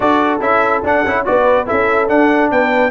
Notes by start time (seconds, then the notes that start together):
0.00 D4 F#4 A4 D5
0.40 C#4 E4 E5
0.83 D4 F#5
1.06 C#4 E4
1.25 B3 F#4 B4 D5
1.65 C#4 E4 A4 E5
2.08 D4 F#5
2.51 B3 B4 G5